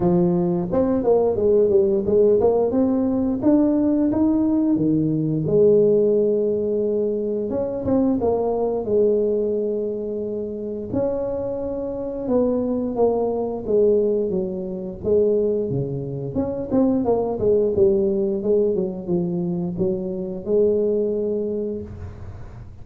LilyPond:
\new Staff \with { instrumentName = "tuba" } { \time 4/4 \tempo 4 = 88 f4 c'8 ais8 gis8 g8 gis8 ais8 | c'4 d'4 dis'4 dis4 | gis2. cis'8 c'8 | ais4 gis2. |
cis'2 b4 ais4 | gis4 fis4 gis4 cis4 | cis'8 c'8 ais8 gis8 g4 gis8 fis8 | f4 fis4 gis2 | }